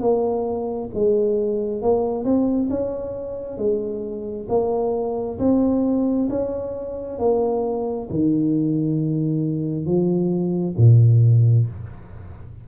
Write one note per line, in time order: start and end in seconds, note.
0.00 0.90 A#3
0.94 1.82 G#3
1.82 2.24 A#3
2.24 2.69 C4
2.69 3.57 C#4
3.57 4.47 G#3
4.49 5.38 A#3
5.39 6.28 C4
6.29 7.18 C#4
7.18 8.08 A#3
8.10 9.85 D#3
9.85 10.75 F3
10.77 11.67 A#2